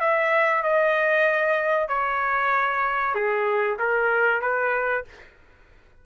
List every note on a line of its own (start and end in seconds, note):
0.00 0.63 E5
0.63 1.88 D#5
1.88 3.14 C#5
3.14 3.78 G#4
3.79 4.41 A#4
4.41 5.04 B4